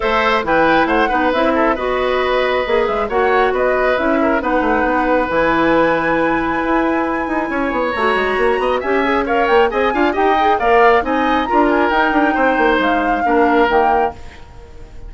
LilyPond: <<
  \new Staff \with { instrumentName = "flute" } { \time 4/4 \tempo 4 = 136 e''4 g''4 fis''4 e''4 | dis''2~ dis''8 e''8 fis''4 | dis''4 e''4 fis''2 | gis''1~ |
gis''2 ais''2 | gis''4 f''8 g''8 gis''4 g''4 | f''4 gis''4 ais''8 gis''8 g''4~ | g''4 f''2 g''4 | }
  \new Staff \with { instrumentName = "oboe" } { \time 4/4 c''4 b'4 c''8 b'4 a'8 | b'2. cis''4 | b'4. ais'8 b'2~ | b'1~ |
b'4 cis''2~ cis''8 dis''8 | e''4 cis''4 dis''8 f''8 dis''4 | d''4 dis''4 ais'2 | c''2 ais'2 | }
  \new Staff \with { instrumentName = "clarinet" } { \time 4/4 a'4 e'4. dis'8 e'4 | fis'2 gis'4 fis'4~ | fis'4 e'4 dis'2 | e'1~ |
e'2 fis'2 | g'8 gis'8 ais'4 gis'8 f'8 g'8 gis'8 | ais'4 dis'4 f'4 dis'4~ | dis'2 d'4 ais4 | }
  \new Staff \with { instrumentName = "bassoon" } { \time 4/4 a4 e4 a8 b8 c'4 | b2 ais8 gis8 ais4 | b4 cis'4 b8 a8 b4 | e2. e'4~ |
e'8 dis'8 cis'8 b8 a8 gis8 ais8 b8 | cis'4. ais8 c'8 d'8 dis'4 | ais4 c'4 d'4 dis'8 d'8 | c'8 ais8 gis4 ais4 dis4 | }
>>